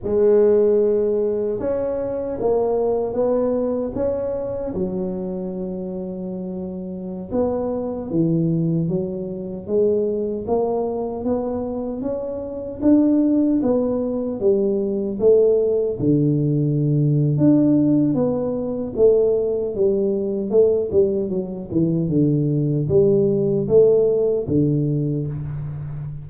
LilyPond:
\new Staff \with { instrumentName = "tuba" } { \time 4/4 \tempo 4 = 76 gis2 cis'4 ais4 | b4 cis'4 fis2~ | fis4~ fis16 b4 e4 fis8.~ | fis16 gis4 ais4 b4 cis'8.~ |
cis'16 d'4 b4 g4 a8.~ | a16 d4.~ d16 d'4 b4 | a4 g4 a8 g8 fis8 e8 | d4 g4 a4 d4 | }